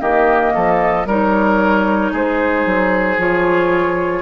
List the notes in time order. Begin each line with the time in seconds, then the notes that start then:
0.00 D#3 A#3 G4 D#5
0.55 F3 A4
1.06 G3 D#4 A#4 C#5
2.12 G#3 G#4 C5
2.66 F#3
3.18 F3 F4 C#5